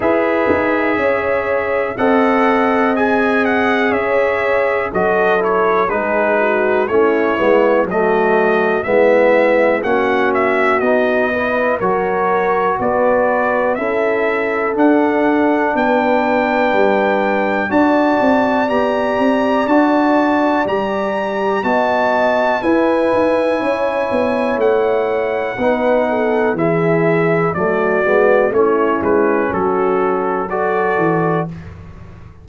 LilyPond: <<
  \new Staff \with { instrumentName = "trumpet" } { \time 4/4 \tempo 4 = 61 e''2 fis''4 gis''8 fis''8 | e''4 dis''8 cis''8 b'4 cis''4 | dis''4 e''4 fis''8 e''8 dis''4 | cis''4 d''4 e''4 fis''4 |
g''2 a''4 ais''4 | a''4 ais''4 a''4 gis''4~ | gis''4 fis''2 e''4 | d''4 cis''8 b'8 a'4 d''4 | }
  \new Staff \with { instrumentName = "horn" } { \time 4/4 b'4 cis''4 dis''2 | cis''4 a'4 gis'8 fis'8 e'4 | fis'4 e'4 fis'4. b'8 | ais'4 b'4 a'2 |
b'2 d''2~ | d''2 dis''4 b'4 | cis''2 b'8 a'8 gis'4 | fis'4 e'4 fis'4 a'4 | }
  \new Staff \with { instrumentName = "trombone" } { \time 4/4 gis'2 a'4 gis'4~ | gis'4 fis'8 e'8 dis'4 cis'8 b8 | a4 b4 cis'4 dis'8 e'8 | fis'2 e'4 d'4~ |
d'2 fis'4 g'4 | fis'4 g'4 fis'4 e'4~ | e'2 dis'4 e'4 | a8 b8 cis'2 fis'4 | }
  \new Staff \with { instrumentName = "tuba" } { \time 4/4 e'8 dis'8 cis'4 c'2 | cis'4 fis4 gis4 a8 gis8 | fis4 gis4 ais4 b4 | fis4 b4 cis'4 d'4 |
b4 g4 d'8 c'8 b8 c'8 | d'4 g4 b4 e'8 dis'8 | cis'8 b8 a4 b4 e4 | fis8 gis8 a8 gis8 fis4. e8 | }
>>